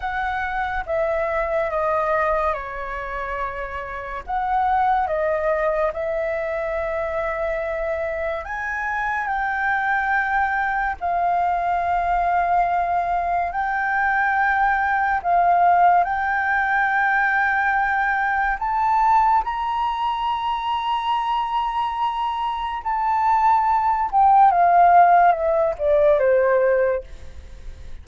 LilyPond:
\new Staff \with { instrumentName = "flute" } { \time 4/4 \tempo 4 = 71 fis''4 e''4 dis''4 cis''4~ | cis''4 fis''4 dis''4 e''4~ | e''2 gis''4 g''4~ | g''4 f''2. |
g''2 f''4 g''4~ | g''2 a''4 ais''4~ | ais''2. a''4~ | a''8 g''8 f''4 e''8 d''8 c''4 | }